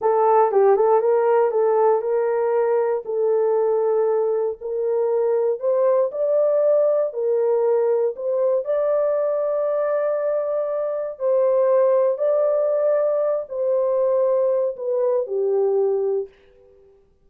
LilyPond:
\new Staff \with { instrumentName = "horn" } { \time 4/4 \tempo 4 = 118 a'4 g'8 a'8 ais'4 a'4 | ais'2 a'2~ | a'4 ais'2 c''4 | d''2 ais'2 |
c''4 d''2.~ | d''2 c''2 | d''2~ d''8 c''4.~ | c''4 b'4 g'2 | }